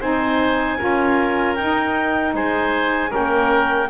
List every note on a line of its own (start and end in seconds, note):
0.00 0.79 C4
0.00 0.79 D#4
0.00 0.78 C5
0.00 1.56 G#5
0.78 1.58 C#4
0.78 1.57 F4
0.78 2.34 A#4
1.56 2.34 D#4
1.56 3.09 D#4
1.56 2.33 G5
2.34 3.12 G#3
2.34 3.10 C5
2.34 3.13 G#5
3.09 3.87 C#4
3.09 3.88 A#4
3.09 3.90 G5
3.17 3.90 A#3